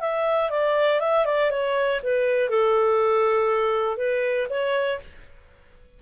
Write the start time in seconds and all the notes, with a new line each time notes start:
0.00 E5
0.50 D5
1.00 E5
1.25 D5
1.50 C#5
2.03 B4
2.50 A4
3.97 B4
4.49 C#5